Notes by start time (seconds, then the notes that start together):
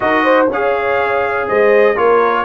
0.00 D#4 F#4 A#4 D#5
0.24 C5
0.48 C#4 G#4 C#5 F5
1.48 G#3 C5 D#5
1.94 A#3 F4 A#4 C#5